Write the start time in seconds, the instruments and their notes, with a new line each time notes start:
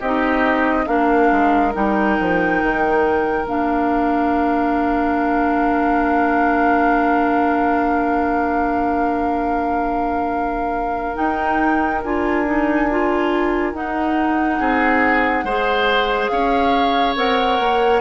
0.00 bassoon C4, clarinet D#4, oboe G4, flute D#5
0.86 bassoon A#3, clarinet D4, oboe A#4, flute F5
1.32 bassoon G#3
1.73 bassoon G3, clarinet D#4, flute G5
2.20 bassoon F3
2.63 bassoon D#3
3.44 bassoon A#3, clarinet D4, flute F5
11.15 clarinet D#4, bassoon D#4, flute G5
12.03 bassoon D4, clarinet F4, flute G#5
12.46 clarinet D#4
12.91 clarinet F4
13.73 bassoon D#4, clarinet D#4, flute F#5
14.59 bassoon C4, oboe G#4
15.44 bassoon G#3, clarinet G#4, oboe C5
16.28 bassoon C#4, oboe C#5, flute F5
17.16 bassoon C4, clarinet A#4, flute F#5
17.59 bassoon A#3